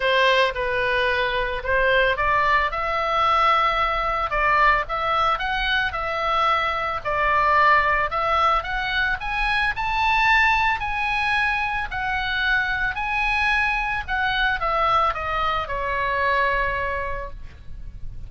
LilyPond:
\new Staff \with { instrumentName = "oboe" } { \time 4/4 \tempo 4 = 111 c''4 b'2 c''4 | d''4 e''2. | d''4 e''4 fis''4 e''4~ | e''4 d''2 e''4 |
fis''4 gis''4 a''2 | gis''2 fis''2 | gis''2 fis''4 e''4 | dis''4 cis''2. | }